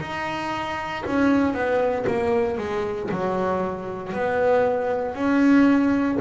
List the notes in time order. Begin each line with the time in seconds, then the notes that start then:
0.00 D#4
1.06 C#4
1.54 B3
2.07 A#3
2.58 G#3
3.11 F#3
4.13 B3
5.14 C#4